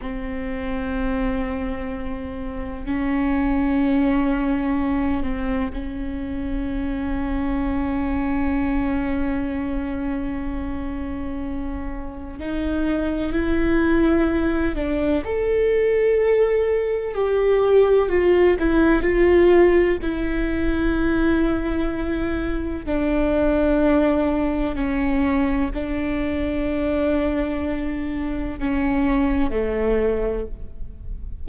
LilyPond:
\new Staff \with { instrumentName = "viola" } { \time 4/4 \tempo 4 = 63 c'2. cis'4~ | cis'4. c'8 cis'2~ | cis'1~ | cis'4 dis'4 e'4. d'8 |
a'2 g'4 f'8 e'8 | f'4 e'2. | d'2 cis'4 d'4~ | d'2 cis'4 a4 | }